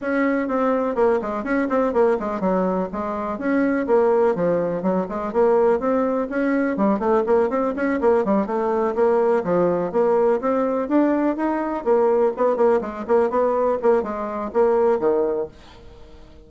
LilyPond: \new Staff \with { instrumentName = "bassoon" } { \time 4/4 \tempo 4 = 124 cis'4 c'4 ais8 gis8 cis'8 c'8 | ais8 gis8 fis4 gis4 cis'4 | ais4 f4 fis8 gis8 ais4 | c'4 cis'4 g8 a8 ais8 c'8 |
cis'8 ais8 g8 a4 ais4 f8~ | f8 ais4 c'4 d'4 dis'8~ | dis'8 ais4 b8 ais8 gis8 ais8 b8~ | b8 ais8 gis4 ais4 dis4 | }